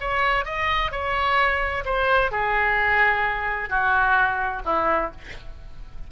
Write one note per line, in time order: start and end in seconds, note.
0.00 0.45 C#5
0.45 0.91 D#5
0.91 1.84 C#5
1.85 2.31 C5
2.31 3.69 G#4
3.69 4.62 F#4
4.65 5.11 E4